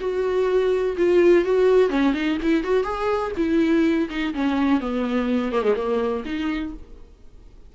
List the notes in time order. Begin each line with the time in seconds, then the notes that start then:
0.00 F#4
0.98 F4
1.45 F#4
1.90 C#4
2.14 D#4
2.42 E4
2.64 F#4
2.84 G#4
3.37 E4
4.10 D#4
4.34 C#4
4.80 B3
5.52 A#3
5.63 G#3
5.76 A#3
6.25 D#4